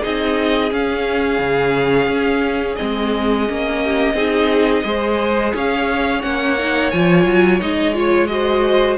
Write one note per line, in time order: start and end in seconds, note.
0.00 0.72 C4
0.00 0.70 D#4
0.00 3.79 G#4
0.00 0.72 D#5
0.71 2.78 C#4
0.71 1.39 C#4
0.71 2.75 F5
1.39 2.07 C#3
2.07 2.76 C#4
2.75 3.49 G#3
2.75 3.47 C4
2.75 5.51 D#5
3.49 4.14 A#3
3.49 4.15 C#4
3.84 4.15 G4
4.14 4.83 C4
4.14 4.84 D#4
4.14 4.84 G#4
4.84 5.53 G#3
4.84 6.22 G#4
4.84 5.54 C5
5.54 6.24 C#4
5.54 8.30 C#5
5.54 6.22 F5
6.22 6.93 A#3
6.22 6.57 C#4
6.22 6.91 F#5
6.59 6.93 D#4
6.91 7.25 F3
6.91 7.61 F4
6.91 7.60 G#5
7.25 7.60 F#3
7.61 8.98 G#3
7.61 7.94 D#4
7.61 7.95 D#5
7.94 8.28 F4
7.94 8.27 C#5
8.27 8.98 F#4
8.27 8.98 C5
8.27 8.96 D#5